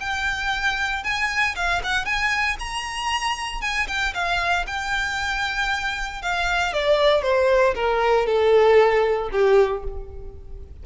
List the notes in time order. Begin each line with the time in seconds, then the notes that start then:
0.00 G5
1.03 G#5
1.55 F5
1.83 F#5
2.05 G#5
2.59 A#5
3.61 G#5
3.88 G5
4.14 F5
4.67 G5
6.22 F5
6.73 D5
7.22 C5
7.75 A#4
8.26 A4
9.32 G4